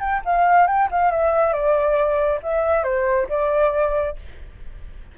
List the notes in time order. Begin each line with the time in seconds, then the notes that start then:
0.00 G5
0.25 F5
0.67 G5
0.91 F5
1.11 E5
1.53 D5
2.43 E5
2.84 C5
3.29 D5